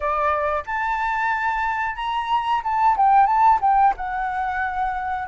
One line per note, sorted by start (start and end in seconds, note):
0.00 0.63 D5
0.66 1.95 A5
1.95 2.61 A#5
2.63 2.96 A5
2.97 3.26 G5
3.26 3.59 A5
3.61 3.94 G5
3.97 5.27 F#5